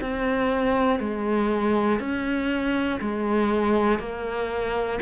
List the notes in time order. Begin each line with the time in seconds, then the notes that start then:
0.00 C4
0.99 G#3
1.99 C#4
3.00 G#3
3.99 A#3